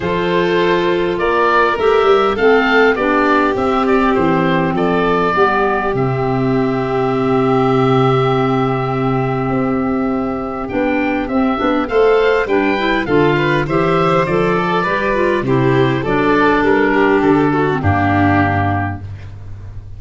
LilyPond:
<<
  \new Staff \with { instrumentName = "oboe" } { \time 4/4 \tempo 4 = 101 c''2 d''4 e''4 | f''4 d''4 e''8 d''8 c''4 | d''2 e''2~ | e''1~ |
e''2 g''4 e''4 | f''4 g''4 f''4 e''4 | d''2 c''4 d''4 | ais'4 a'4 g'2 | }
  \new Staff \with { instrumentName = "violin" } { \time 4/4 a'2 ais'2 | a'4 g'2. | a'4 g'2.~ | g'1~ |
g'1 | c''4 b'4 a'8 b'8 c''4~ | c''8 a'8 b'4 g'4 a'4~ | a'8 g'4 fis'8 d'2 | }
  \new Staff \with { instrumentName = "clarinet" } { \time 4/4 f'2. g'4 | c'4 d'4 c'2~ | c'4 b4 c'2~ | c'1~ |
c'2 d'4 c'8 d'8 | a'4 d'8 e'8 f'4 g'4 | a'4 g'8 f'8 e'4 d'4~ | d'4.~ d'16 c'16 ais2 | }
  \new Staff \with { instrumentName = "tuba" } { \time 4/4 f2 ais4 a8 g8 | a4 b4 c'4 e4 | f4 g4 c2~ | c1 |
c'2 b4 c'8 b8 | a4 g4 d4 e4 | f4 g4 c4 fis4 | g4 d4 g,2 | }
>>